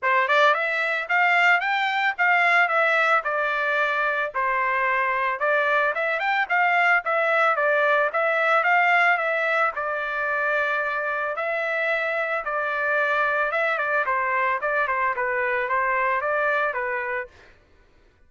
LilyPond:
\new Staff \with { instrumentName = "trumpet" } { \time 4/4 \tempo 4 = 111 c''8 d''8 e''4 f''4 g''4 | f''4 e''4 d''2 | c''2 d''4 e''8 g''8 | f''4 e''4 d''4 e''4 |
f''4 e''4 d''2~ | d''4 e''2 d''4~ | d''4 e''8 d''8 c''4 d''8 c''8 | b'4 c''4 d''4 b'4 | }